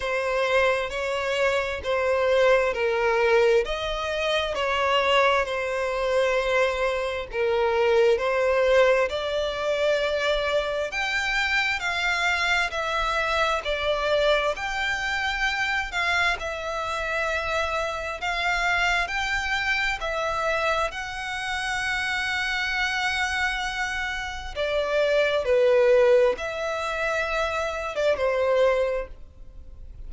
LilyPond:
\new Staff \with { instrumentName = "violin" } { \time 4/4 \tempo 4 = 66 c''4 cis''4 c''4 ais'4 | dis''4 cis''4 c''2 | ais'4 c''4 d''2 | g''4 f''4 e''4 d''4 |
g''4. f''8 e''2 | f''4 g''4 e''4 fis''4~ | fis''2. d''4 | b'4 e''4.~ e''16 d''16 c''4 | }